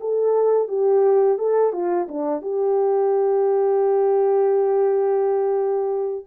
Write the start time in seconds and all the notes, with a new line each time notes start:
0.00 A4
0.68 G4
1.38 A4
1.73 F4
2.08 D4
2.42 G4